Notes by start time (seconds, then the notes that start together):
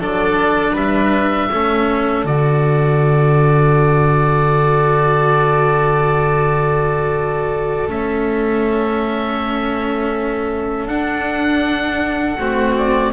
0.00 F#3 D4 A4 D5
0.73 G3 B4 E5
1.52 A3 C#4 A4
2.24 D3 F#4 D5
7.88 A3 C#4 E5
10.87 D4 F#5
12.38 A3 C4 F#4
12.77 D5